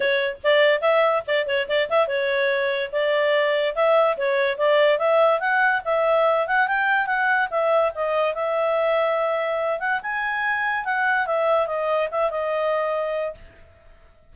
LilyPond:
\new Staff \with { instrumentName = "clarinet" } { \time 4/4 \tempo 4 = 144 cis''4 d''4 e''4 d''8 cis''8 | d''8 e''8 cis''2 d''4~ | d''4 e''4 cis''4 d''4 | e''4 fis''4 e''4. fis''8 |
g''4 fis''4 e''4 dis''4 | e''2.~ e''8 fis''8 | gis''2 fis''4 e''4 | dis''4 e''8 dis''2~ dis''8 | }